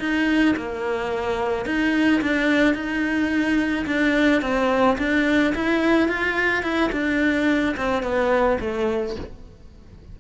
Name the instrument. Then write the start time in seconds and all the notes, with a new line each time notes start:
cello
0.00 D#4
0.57 A#3
1.66 D#4
2.22 D4
2.75 D#4
3.87 D4
4.42 C4
4.98 D4
5.56 E4
6.09 F4
6.63 E4
6.93 D4
7.77 C4
8.03 B3
8.61 A3